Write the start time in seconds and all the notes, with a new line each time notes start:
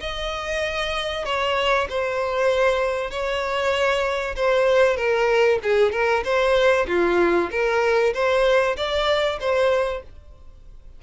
0.00 D#5
1.25 C#5
1.89 C5
3.11 C#5
4.36 C5
4.97 A#4
5.63 G#4
5.92 A#4
6.24 C5
6.88 F4
7.51 A#4
8.14 C5
8.76 D5
9.40 C5